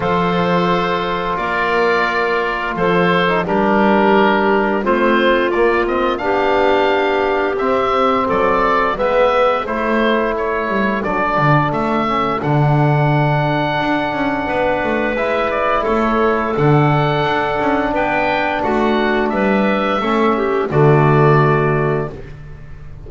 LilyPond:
<<
  \new Staff \with { instrumentName = "oboe" } { \time 4/4 \tempo 4 = 87 c''2 d''2 | c''4 ais'2 c''4 | d''8 dis''8 f''2 e''4 | d''4 e''4 c''4 cis''4 |
d''4 e''4 fis''2~ | fis''2 e''8 d''8 cis''4 | fis''2 g''4 fis''4 | e''2 d''2 | }
  \new Staff \with { instrumentName = "clarinet" } { \time 4/4 a'2 ais'2 | a'4 g'2 f'4~ | f'4 g'2. | a'4 b'4 a'2~ |
a'1~ | a'4 b'2 a'4~ | a'2 b'4 fis'4 | b'4 a'8 g'8 fis'2 | }
  \new Staff \with { instrumentName = "trombone" } { \time 4/4 f'1~ | f'8. dis'16 d'2 c'4 | ais8 c'8 d'2 c'4~ | c'4 b4 e'2 |
d'4. cis'8 d'2~ | d'2 e'2 | d'1~ | d'4 cis'4 a2 | }
  \new Staff \with { instrumentName = "double bass" } { \time 4/4 f2 ais2 | f4 g2 a4 | ais4 b2 c'4 | fis4 gis4 a4. g8 |
fis8 d8 a4 d2 | d'8 cis'8 b8 a8 gis4 a4 | d4 d'8 cis'8 b4 a4 | g4 a4 d2 | }
>>